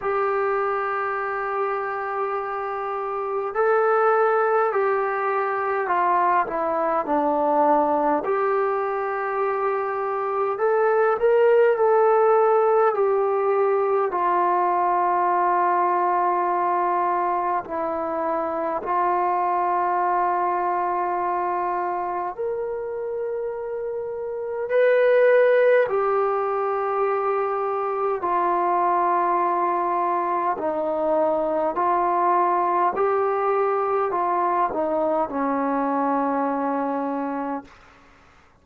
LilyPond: \new Staff \with { instrumentName = "trombone" } { \time 4/4 \tempo 4 = 51 g'2. a'4 | g'4 f'8 e'8 d'4 g'4~ | g'4 a'8 ais'8 a'4 g'4 | f'2. e'4 |
f'2. ais'4~ | ais'4 b'4 g'2 | f'2 dis'4 f'4 | g'4 f'8 dis'8 cis'2 | }